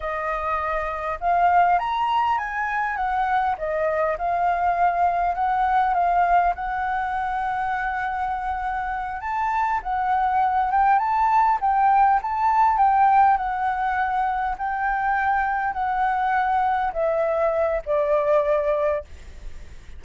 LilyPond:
\new Staff \with { instrumentName = "flute" } { \time 4/4 \tempo 4 = 101 dis''2 f''4 ais''4 | gis''4 fis''4 dis''4 f''4~ | f''4 fis''4 f''4 fis''4~ | fis''2.~ fis''8 a''8~ |
a''8 fis''4. g''8 a''4 g''8~ | g''8 a''4 g''4 fis''4.~ | fis''8 g''2 fis''4.~ | fis''8 e''4. d''2 | }